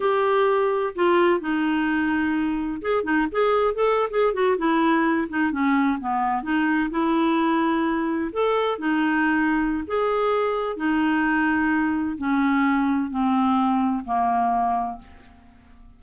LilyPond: \new Staff \with { instrumentName = "clarinet" } { \time 4/4 \tempo 4 = 128 g'2 f'4 dis'4~ | dis'2 gis'8 dis'8 gis'4 | a'8. gis'8 fis'8 e'4. dis'8 cis'16~ | cis'8. b4 dis'4 e'4~ e'16~ |
e'4.~ e'16 a'4 dis'4~ dis'16~ | dis'4 gis'2 dis'4~ | dis'2 cis'2 | c'2 ais2 | }